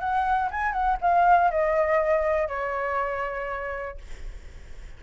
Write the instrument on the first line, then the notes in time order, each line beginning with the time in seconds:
flute
0.00 F#5
0.51 G#5
0.73 F#5
1.02 F5
1.51 D#5
2.48 C#5